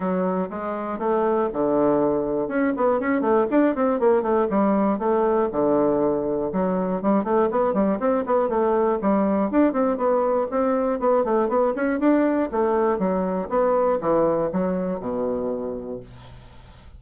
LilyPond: \new Staff \with { instrumentName = "bassoon" } { \time 4/4 \tempo 4 = 120 fis4 gis4 a4 d4~ | d4 cis'8 b8 cis'8 a8 d'8 c'8 | ais8 a8 g4 a4 d4~ | d4 fis4 g8 a8 b8 g8 |
c'8 b8 a4 g4 d'8 c'8 | b4 c'4 b8 a8 b8 cis'8 | d'4 a4 fis4 b4 | e4 fis4 b,2 | }